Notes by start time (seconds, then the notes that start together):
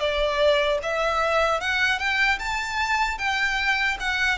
0.00 D5
0.83 E5
1.61 F#5
1.99 G5
2.39 A5
3.19 G5
4.00 F#5